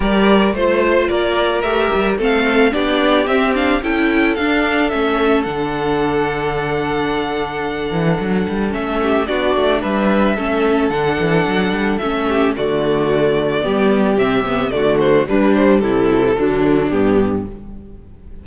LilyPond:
<<
  \new Staff \with { instrumentName = "violin" } { \time 4/4 \tempo 4 = 110 d''4 c''4 d''4 e''4 | f''4 d''4 e''8 f''8 g''4 | f''4 e''4 fis''2~ | fis''1 |
e''4 d''4 e''2 | fis''2 e''4 d''4~ | d''2 e''4 d''8 c''8 | b'8 c''8 a'2 g'4 | }
  \new Staff \with { instrumentName = "violin" } { \time 4/4 ais'4 c''4 ais'2 | a'4 g'2 a'4~ | a'1~ | a'1~ |
a'8 g'8 fis'4 b'4 a'4~ | a'2~ a'8 g'8 fis'4~ | fis'4 g'2 fis'4 | d'4 e'4 d'2 | }
  \new Staff \with { instrumentName = "viola" } { \time 4/4 g'4 f'2 g'4 | c'4 d'4 c'8 d'8 e'4 | d'4 cis'4 d'2~ | d'1 |
cis'4 d'2 cis'4 | d'2 cis'4 a4~ | a4 b4 c'8 b8 a4 | g4. fis16 e16 fis4 b4 | }
  \new Staff \with { instrumentName = "cello" } { \time 4/4 g4 a4 ais4 a8 g8 | a4 b4 c'4 cis'4 | d'4 a4 d2~ | d2~ d8 e8 fis8 g8 |
a4 b8 a8 g4 a4 | d8 e8 fis8 g8 a4 d4~ | d4 g4 c4 d4 | g4 c4 d4 g,4 | }
>>